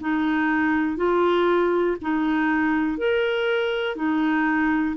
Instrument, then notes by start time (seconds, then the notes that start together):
clarinet
0.00 D#4
0.96 F4
2.01 D#4
2.97 A#4
3.95 D#4